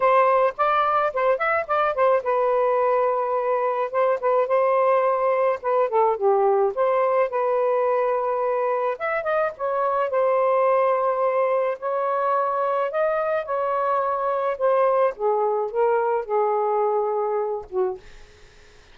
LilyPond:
\new Staff \with { instrumentName = "saxophone" } { \time 4/4 \tempo 4 = 107 c''4 d''4 c''8 e''8 d''8 c''8 | b'2. c''8 b'8 | c''2 b'8 a'8 g'4 | c''4 b'2. |
e''8 dis''8 cis''4 c''2~ | c''4 cis''2 dis''4 | cis''2 c''4 gis'4 | ais'4 gis'2~ gis'8 fis'8 | }